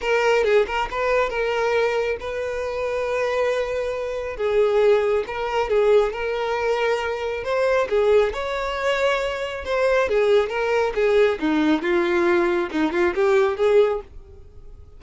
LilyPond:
\new Staff \with { instrumentName = "violin" } { \time 4/4 \tempo 4 = 137 ais'4 gis'8 ais'8 b'4 ais'4~ | ais'4 b'2.~ | b'2 gis'2 | ais'4 gis'4 ais'2~ |
ais'4 c''4 gis'4 cis''4~ | cis''2 c''4 gis'4 | ais'4 gis'4 dis'4 f'4~ | f'4 dis'8 f'8 g'4 gis'4 | }